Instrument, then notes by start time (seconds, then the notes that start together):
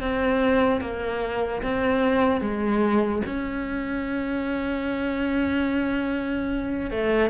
cello
0.00 C4
0.80 A#3
1.62 C4
2.40 G#3
3.26 C#4
6.90 A3